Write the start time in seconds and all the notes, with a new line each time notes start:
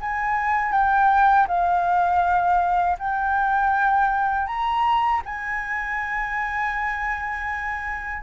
0.00 G#5
0.72 G5
1.47 F5
2.98 G5
4.46 A#5
5.25 G#5